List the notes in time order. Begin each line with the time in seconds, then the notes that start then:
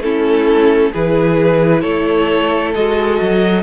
0.00 A3 C#4 E4 A4
0.92 E3 E4 G#4 B4
1.82 A3 A4 C#5
2.75 G#3 F#4 D#5
3.22 F#3